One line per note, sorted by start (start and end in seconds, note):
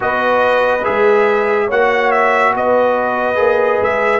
0.00 0.85 B3
0.00 0.80 F#4
0.00 1.66 B4
0.00 0.84 D#5
0.83 1.70 G#3
0.83 1.68 G#4
0.83 1.69 E5
1.66 2.54 A#3
1.66 3.35 F#4
1.66 2.51 C#5
1.66 2.11 F#5
2.11 2.53 E5
2.54 3.38 B3
2.54 4.19 B4
2.54 3.83 D#5
3.35 3.80 A#3
3.35 4.19 G#4
3.81 4.19 G#3
3.81 4.19 E5